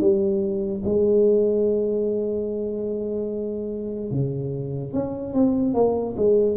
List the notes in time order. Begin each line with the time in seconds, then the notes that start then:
0.00 G3
0.84 G#3
4.11 C#3
4.93 C#4
5.33 C4
5.74 A#3
6.16 G#3